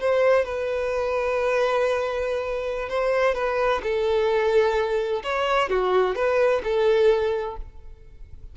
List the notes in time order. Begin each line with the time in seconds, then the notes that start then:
0.00 C5
0.45 B4
2.89 C5
3.35 B4
3.83 A4
5.23 C#5
5.69 F#4
6.15 B4
6.64 A4